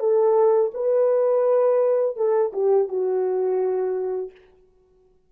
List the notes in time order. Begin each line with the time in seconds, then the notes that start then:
0.00 A4
0.74 B4
2.17 A4
2.53 G4
2.89 F#4